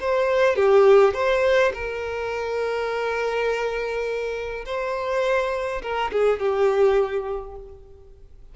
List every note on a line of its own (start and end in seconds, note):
0.00 0.56 C5
0.56 1.14 G4
1.14 1.72 C5
1.74 4.65 A#4
4.65 5.82 C5
5.82 6.11 A#4
6.12 6.39 G#4
6.39 7.55 G4